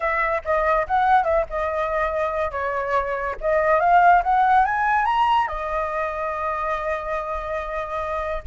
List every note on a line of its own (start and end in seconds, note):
0.00 0.42 E5
0.44 0.87 D#5
0.87 1.24 F#5
1.24 1.45 E5
1.49 2.51 D#5
2.51 3.35 C#5
3.40 3.80 D#5
3.80 4.22 F5
4.23 4.65 F#5
4.65 5.05 G#5
5.05 5.47 A#5
5.47 8.43 D#5